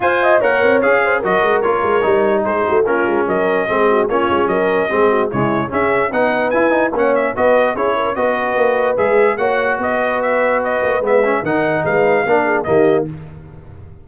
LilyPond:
<<
  \new Staff \with { instrumentName = "trumpet" } { \time 4/4 \tempo 4 = 147 gis''4 fis''4 f''4 dis''4 | cis''2 c''4 ais'4 | dis''2 cis''4 dis''4~ | dis''4 cis''4 e''4 fis''4 |
gis''4 fis''8 e''8 dis''4 cis''4 | dis''2 e''4 fis''4 | dis''4 e''4 dis''4 e''4 | fis''4 f''2 dis''4 | }
  \new Staff \with { instrumentName = "horn" } { \time 4/4 f''8 dis''8 cis''4. c''8 ais'4~ | ais'2 gis'8 fis'8 f'4 | ais'4 gis'8 fis'8 f'4 ais'4 | gis'8 fis'8 e'4 gis'4 b'4~ |
b'4 cis''4 b'4 gis'8 ais'8 | b'2. cis''4 | b'1 | ais'4 b'4 ais'8 gis'8 g'4 | }
  \new Staff \with { instrumentName = "trombone" } { \time 4/4 c''4 ais'4 gis'4 fis'4 | f'4 dis'2 cis'4~ | cis'4 c'4 cis'2 | c'4 gis4 cis'4 dis'4 |
e'8 dis'8 cis'4 fis'4 e'4 | fis'2 gis'4 fis'4~ | fis'2. b8 cis'8 | dis'2 d'4 ais4 | }
  \new Staff \with { instrumentName = "tuba" } { \time 4/4 f'4 ais8 c'8 cis'4 fis8 gis8 | ais8 gis8 g4 gis8 a8 ais8 gis8 | fis4 gis4 ais8 gis8 fis4 | gis4 cis4 cis'4 b4 |
e'4 ais4 b4 cis'4 | b4 ais4 gis4 ais4 | b2~ b8 ais8 gis4 | dis4 gis4 ais4 dis4 | }
>>